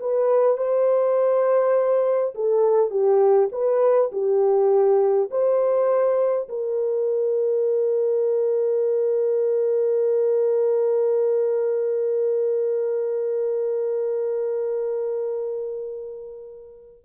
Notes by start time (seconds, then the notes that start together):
0.00 B4
0.58 C5
2.35 A4
2.91 G4
3.52 B4
4.12 G4
5.31 C5
6.49 A#4